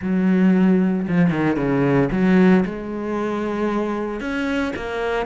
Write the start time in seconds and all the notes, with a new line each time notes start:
0.01 F#3
1.08 F3
1.30 D#3
1.56 C#3
2.11 F#3
2.65 G#3
4.20 C#4
4.76 A#3